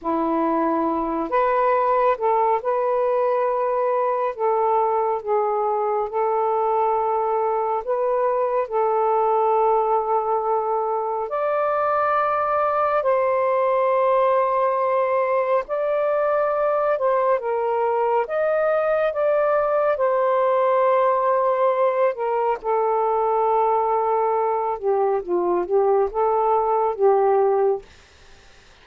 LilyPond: \new Staff \with { instrumentName = "saxophone" } { \time 4/4 \tempo 4 = 69 e'4. b'4 a'8 b'4~ | b'4 a'4 gis'4 a'4~ | a'4 b'4 a'2~ | a'4 d''2 c''4~ |
c''2 d''4. c''8 | ais'4 dis''4 d''4 c''4~ | c''4. ais'8 a'2~ | a'8 g'8 f'8 g'8 a'4 g'4 | }